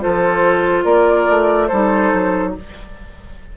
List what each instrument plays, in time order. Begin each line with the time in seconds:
0.00 bassoon F3, clarinet F4, oboe A4, flute C5
0.85 bassoon A#3, oboe A#4, flute D5
1.29 bassoon A3
1.68 bassoon G3, clarinet D#4, oboe A4, flute C5
2.14 bassoon F#3